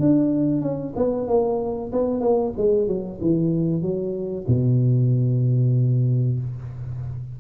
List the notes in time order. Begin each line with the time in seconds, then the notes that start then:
0.00 D4
0.62 C#4
0.96 B3
1.28 A#3
1.92 B3
2.21 A#3
2.57 G#3
2.88 F#3
3.21 E3
3.82 F#3
4.48 B2